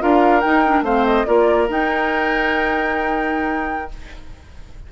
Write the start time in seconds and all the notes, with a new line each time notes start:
0.00 D4 F4 A#4 F5
0.41 D#4 G5
0.66 D4
0.83 A3 C4 C5 F5
1.06 D#5
1.26 A#3 F4 A#4 D5
1.69 D#4 G5